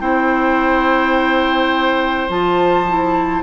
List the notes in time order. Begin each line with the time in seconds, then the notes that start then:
0.00 C4 E4 C5 G5
2.29 F3 F4 A5
2.89 E4